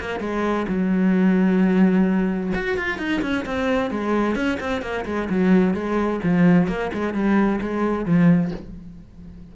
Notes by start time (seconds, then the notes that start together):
0.00 A#3
0.20 G#3
0.68 F#3
2.54 F#4
2.77 F4
2.98 D#4
3.22 C#4
3.46 C4
3.90 G#3
4.35 C#4
4.60 C4
4.82 A#3
5.05 G#3
5.30 F#3
5.74 G#3
6.23 F3
6.68 A#3
6.93 G#3
7.14 G3
7.61 G#3
8.05 F3